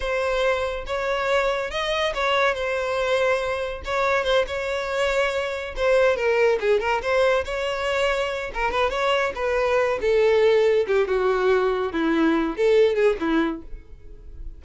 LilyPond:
\new Staff \with { instrumentName = "violin" } { \time 4/4 \tempo 4 = 141 c''2 cis''2 | dis''4 cis''4 c''2~ | c''4 cis''4 c''8 cis''4.~ | cis''4. c''4 ais'4 gis'8 |
ais'8 c''4 cis''2~ cis''8 | ais'8 b'8 cis''4 b'4. a'8~ | a'4. g'8 fis'2 | e'4. a'4 gis'8 e'4 | }